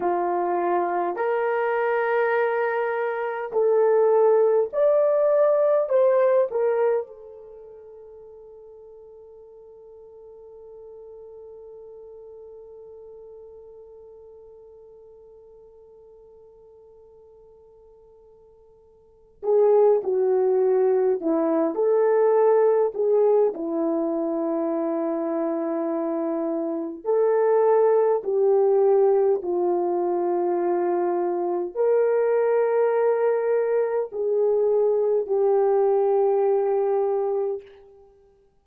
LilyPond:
\new Staff \with { instrumentName = "horn" } { \time 4/4 \tempo 4 = 51 f'4 ais'2 a'4 | d''4 c''8 ais'8 a'2~ | a'1~ | a'1~ |
a'8 gis'8 fis'4 e'8 a'4 gis'8 | e'2. a'4 | g'4 f'2 ais'4~ | ais'4 gis'4 g'2 | }